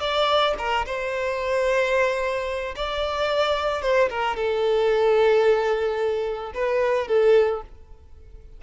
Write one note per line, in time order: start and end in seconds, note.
0.00 0.54 D5
0.58 0.85 A#4
0.86 2.75 C5
2.76 3.82 D5
3.82 4.09 C5
4.09 4.36 A#4
4.36 6.52 A4
6.54 7.08 B4
7.08 7.62 A4